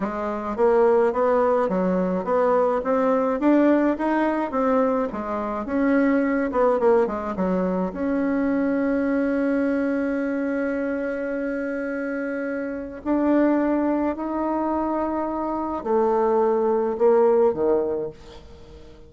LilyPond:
\new Staff \with { instrumentName = "bassoon" } { \time 4/4 \tempo 4 = 106 gis4 ais4 b4 fis4 | b4 c'4 d'4 dis'4 | c'4 gis4 cis'4. b8 | ais8 gis8 fis4 cis'2~ |
cis'1~ | cis'2. d'4~ | d'4 dis'2. | a2 ais4 dis4 | }